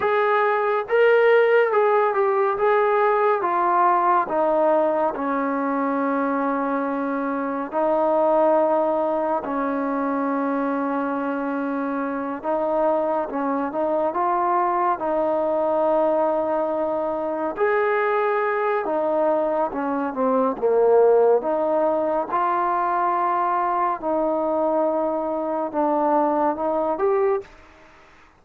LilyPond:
\new Staff \with { instrumentName = "trombone" } { \time 4/4 \tempo 4 = 70 gis'4 ais'4 gis'8 g'8 gis'4 | f'4 dis'4 cis'2~ | cis'4 dis'2 cis'4~ | cis'2~ cis'8 dis'4 cis'8 |
dis'8 f'4 dis'2~ dis'8~ | dis'8 gis'4. dis'4 cis'8 c'8 | ais4 dis'4 f'2 | dis'2 d'4 dis'8 g'8 | }